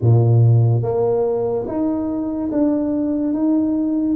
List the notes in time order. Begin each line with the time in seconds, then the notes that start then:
0.02 A#2
0.82 A#3
1.67 D#4
2.51 D4
3.33 D#4